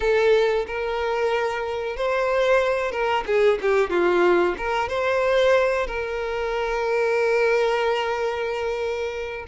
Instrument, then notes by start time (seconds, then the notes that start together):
violin
0.00 A4
0.66 A#4
1.96 C5
2.91 A#4
3.26 G#4
3.61 G4
3.90 F4
4.57 A#4
4.89 C5
5.86 A#4